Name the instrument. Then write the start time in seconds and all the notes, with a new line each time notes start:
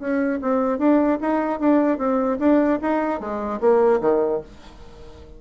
bassoon
0.00 C#4
0.42 C4
0.79 D4
1.21 D#4
1.60 D4
1.98 C4
2.40 D4
2.82 D#4
3.20 G#3
3.61 A#3
4.01 D#3